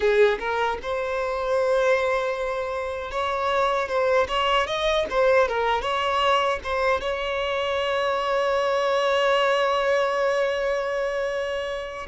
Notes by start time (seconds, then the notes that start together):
0.00 G#4
0.39 A#4
0.82 C5
3.11 C#5
3.88 C5
4.28 C#5
4.66 D#5
5.10 C5
5.48 A#4
5.81 C#5
6.63 C5
7.00 C#5